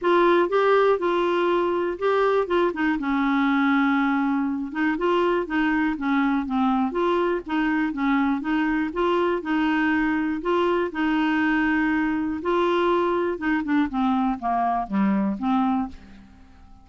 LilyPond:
\new Staff \with { instrumentName = "clarinet" } { \time 4/4 \tempo 4 = 121 f'4 g'4 f'2 | g'4 f'8 dis'8 cis'2~ | cis'4. dis'8 f'4 dis'4 | cis'4 c'4 f'4 dis'4 |
cis'4 dis'4 f'4 dis'4~ | dis'4 f'4 dis'2~ | dis'4 f'2 dis'8 d'8 | c'4 ais4 g4 c'4 | }